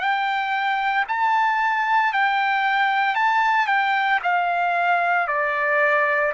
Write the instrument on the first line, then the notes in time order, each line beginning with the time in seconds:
trumpet
0.00 G5
1.09 A5
2.13 G5
3.15 A5
3.67 G5
4.23 F5
5.28 D5